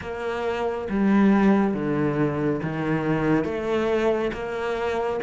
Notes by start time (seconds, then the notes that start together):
0.01 A#3
0.89 G3
1.74 D3
2.62 D#3
3.44 A3
4.33 A#3